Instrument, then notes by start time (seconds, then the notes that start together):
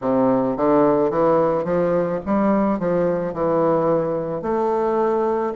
bassoon
0.01 C3
0.56 D3
1.10 E3
1.64 F3
2.25 G3
2.79 F3
3.33 E3
4.41 A3